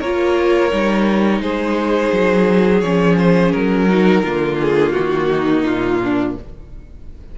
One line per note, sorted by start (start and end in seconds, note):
0.00 0.72 A#3
0.00 0.70 F4
0.00 1.41 A#4
0.00 1.41 C#5
0.70 1.40 G3
0.70 2.81 D#4
1.40 2.10 G#3
1.40 3.87 G#4
1.40 2.80 C5
2.12 2.82 F#3
2.80 3.53 F3
2.80 3.89 C#4
2.80 3.16 C#5
3.18 3.51 C5
3.51 4.23 F#3
3.51 4.57 A#4
3.87 4.24 D#4
3.87 4.22 F#4
4.23 4.94 D3
4.23 6.38 A#3
4.23 5.29 F4
4.61 4.92 G#4
4.92 5.63 F#4
4.98 5.64 D#3
5.31 6.01 D#4
5.64 6.34 A#2
5.64 6.36 F4
6.02 6.37 D4